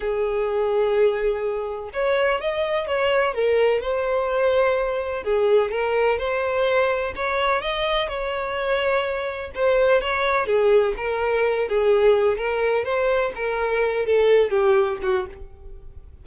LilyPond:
\new Staff \with { instrumentName = "violin" } { \time 4/4 \tempo 4 = 126 gis'1 | cis''4 dis''4 cis''4 ais'4 | c''2. gis'4 | ais'4 c''2 cis''4 |
dis''4 cis''2. | c''4 cis''4 gis'4 ais'4~ | ais'8 gis'4. ais'4 c''4 | ais'4. a'4 g'4 fis'8 | }